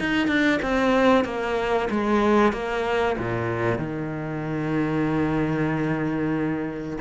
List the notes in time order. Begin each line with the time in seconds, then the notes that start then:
0.00 D#4
0.28 D4
0.62 C4
1.25 A#3
1.91 G#3
2.53 A#3
3.19 A#2
3.78 D#3